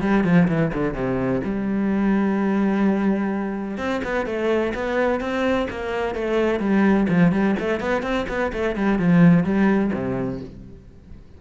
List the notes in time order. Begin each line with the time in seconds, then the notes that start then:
0.00 G3
0.24 F3
0.48 E3
0.73 D3
0.94 C3
1.44 G3
3.77 C4
4.04 B3
4.26 A3
4.74 B3
5.20 C4
5.70 A#3
6.15 A3
6.59 G3
7.08 F3
7.31 G3
7.59 A3
7.80 B3
8.02 C4
8.28 B3
8.52 A3
8.75 G3
8.98 F3
9.44 G3
9.93 C3